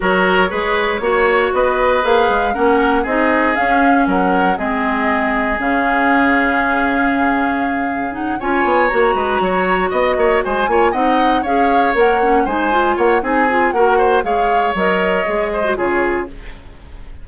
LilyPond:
<<
  \new Staff \with { instrumentName = "flute" } { \time 4/4 \tempo 4 = 118 cis''2. dis''4 | f''4 fis''4 dis''4 f''4 | fis''4 dis''2 f''4~ | f''1 |
fis''8 gis''4 ais''2 dis''8~ | dis''8 gis''4 fis''4 f''4 fis''8~ | fis''8 gis''4 fis''8 gis''4 fis''4 | f''4 dis''2 cis''4 | }
  \new Staff \with { instrumentName = "oboe" } { \time 4/4 ais'4 b'4 cis''4 b'4~ | b'4 ais'4 gis'2 | ais'4 gis'2.~ | gis'1~ |
gis'8 cis''4. b'8 cis''4 dis''8 | cis''8 c''8 cis''8 dis''4 cis''4.~ | cis''8 c''4 cis''8 gis'4 ais'8 c''8 | cis''2~ cis''8 c''8 gis'4 | }
  \new Staff \with { instrumentName = "clarinet" } { \time 4/4 fis'4 gis'4 fis'2 | gis'4 cis'4 dis'4 cis'4~ | cis'4 c'2 cis'4~ | cis'1 |
dis'8 f'4 fis'2~ fis'8~ | fis'4 f'8 dis'4 gis'4 ais'8 | cis'8 dis'8 f'4 dis'8 f'8 fis'4 | gis'4 ais'4 gis'8. fis'16 f'4 | }
  \new Staff \with { instrumentName = "bassoon" } { \time 4/4 fis4 gis4 ais4 b4 | ais8 gis8 ais4 c'4 cis'4 | fis4 gis2 cis4~ | cis1~ |
cis8 cis'8 b8 ais8 gis8 fis4 b8 | ais8 gis8 ais8 c'4 cis'4 ais8~ | ais8 gis4 ais8 c'4 ais4 | gis4 fis4 gis4 cis4 | }
>>